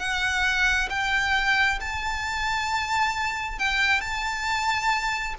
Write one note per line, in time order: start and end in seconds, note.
0.00 0.90 F#5
0.90 1.80 G5
1.81 3.59 A5
3.59 4.01 G5
4.01 5.35 A5